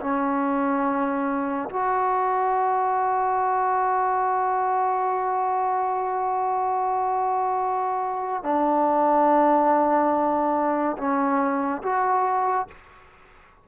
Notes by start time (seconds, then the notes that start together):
0.00 C#4
1.69 F#4
8.43 D4
10.97 C#4
11.83 F#4